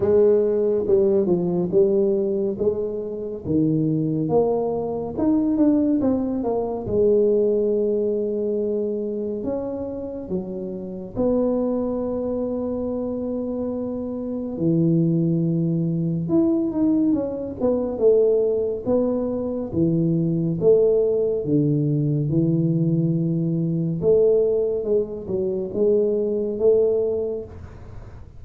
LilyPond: \new Staff \with { instrumentName = "tuba" } { \time 4/4 \tempo 4 = 70 gis4 g8 f8 g4 gis4 | dis4 ais4 dis'8 d'8 c'8 ais8 | gis2. cis'4 | fis4 b2.~ |
b4 e2 e'8 dis'8 | cis'8 b8 a4 b4 e4 | a4 d4 e2 | a4 gis8 fis8 gis4 a4 | }